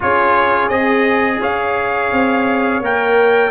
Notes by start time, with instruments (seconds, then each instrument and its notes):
0.00 tuba C#4, trombone F4, horn G#4, trumpet C#5
0.69 tuba C4, trombone G#4, trumpet D#5
1.40 tuba C#4, horn C#5, trumpet F5
2.11 tuba C4
2.80 tuba A#3, trombone A#4, trumpet G5